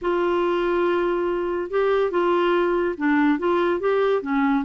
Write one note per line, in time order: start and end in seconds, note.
0.01 1.70 F4
1.70 2.10 G4
2.10 2.95 F4
2.97 3.38 D4
3.38 3.80 F4
3.80 4.22 G4
4.22 4.64 C#4